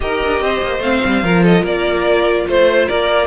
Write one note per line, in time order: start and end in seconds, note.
0.00 0.23 D#4
0.00 0.79 G4
0.00 0.42 A#4
0.00 0.82 D#5
0.24 0.40 D4
0.40 0.61 C4
0.40 1.23 C5
0.61 0.79 A#3
0.79 0.99 A3
0.79 1.23 C4
0.79 1.43 F5
1.05 1.23 G3
1.23 1.62 F3
1.23 3.26 F4
1.23 1.42 A#4
1.42 1.62 A4
1.42 1.65 D#5
1.62 2.45 A#3
1.62 2.45 A#4
1.62 2.47 D5
2.47 2.89 A3
2.47 2.88 C5
2.47 2.86 C5
2.86 3.26 A#3
2.86 3.26 A#4
2.86 3.26 D5